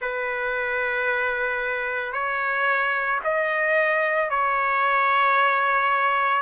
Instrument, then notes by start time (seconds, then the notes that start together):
trumpet
0.00 B4
2.12 C#5
3.23 D#5
4.30 C#5